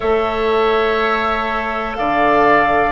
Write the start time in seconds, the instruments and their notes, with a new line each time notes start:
0.00 bassoon A3, clarinet A4, oboe C#5, flute E5
1.95 bassoon D3, oboe D5, flute F5